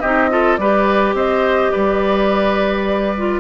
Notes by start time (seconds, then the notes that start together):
0.00 C4 D#4 G4 D#5
0.30 F4 A4
0.57 G3 G4 B4 D5
1.14 C4 C5 D#5
1.71 G3 B4 D5
3.17 F4